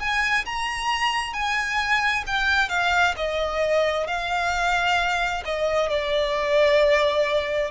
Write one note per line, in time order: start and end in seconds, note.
0.00 0.45 G#5
0.46 1.34 A#5
1.34 2.25 G#5
2.27 2.69 G5
2.69 3.15 F5
3.17 4.07 D#5
4.07 5.44 F5
5.45 5.90 D#5
5.90 7.71 D5